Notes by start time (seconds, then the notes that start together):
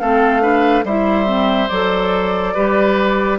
0.00 A3 C4 A4 F5
0.42 D4 B4
0.84 G3 E4 C5 E5
1.26 C4
1.69 F#3 A4 D5
2.54 G3 G4 B4